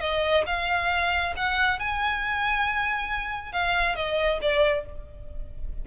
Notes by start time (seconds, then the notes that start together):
0.00 D#5
0.46 F5
1.36 F#5
1.79 G#5
3.52 F5
3.95 D#5
4.42 D5